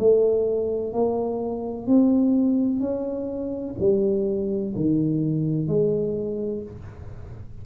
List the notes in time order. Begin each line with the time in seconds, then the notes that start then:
0.00 A3
0.93 A#3
1.87 C4
2.81 C#4
3.80 G3
4.76 D#3
5.68 G#3